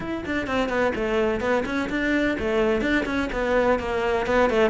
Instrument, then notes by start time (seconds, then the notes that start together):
cello
0.00 E4
0.25 D4
0.46 C4
0.69 B3
0.95 A3
1.40 B3
1.65 C#4
1.89 D4
2.39 A3
2.81 D4
3.05 C#4
3.32 B3
3.79 A#3
4.26 B3
4.50 A3